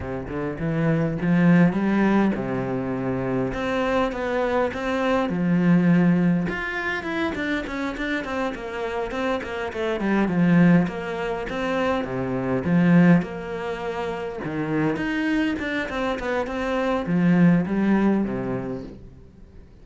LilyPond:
\new Staff \with { instrumentName = "cello" } { \time 4/4 \tempo 4 = 102 c8 d8 e4 f4 g4 | c2 c'4 b4 | c'4 f2 f'4 | e'8 d'8 cis'8 d'8 c'8 ais4 c'8 |
ais8 a8 g8 f4 ais4 c'8~ | c'8 c4 f4 ais4.~ | ais8 dis4 dis'4 d'8 c'8 b8 | c'4 f4 g4 c4 | }